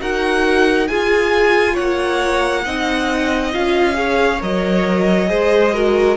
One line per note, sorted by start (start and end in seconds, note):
0.00 0.89 D#4
0.00 0.88 F#4
0.00 0.89 A#4
0.00 0.88 F#5
0.88 1.78 F4
0.88 2.66 F4
0.88 1.74 G#4
0.88 1.76 G#5
1.74 2.66 A#3
1.74 2.62 C#5
1.74 3.53 F#5
2.65 3.54 C4
2.65 3.53 D#4
2.65 3.97 D#5
3.53 4.42 C#4
3.53 3.94 F4
3.53 4.42 F5
3.94 4.38 G#4
3.94 5.29 C#5
4.41 5.30 F#3
4.41 5.27 A#4
4.41 6.17 D#5
5.27 6.17 G#3
5.27 5.72 G#4
5.27 5.74 C5
5.74 6.17 F#4
5.74 6.17 A#4